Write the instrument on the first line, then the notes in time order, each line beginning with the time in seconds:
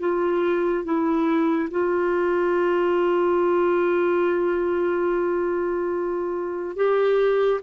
clarinet
0.00 F4
0.85 E4
1.71 F4
6.76 G4